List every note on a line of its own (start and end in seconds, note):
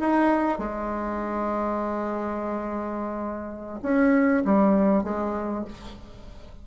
0.00 0.59 D#4
0.59 3.80 G#3
3.82 4.44 C#4
4.45 5.04 G3
5.04 5.65 G#3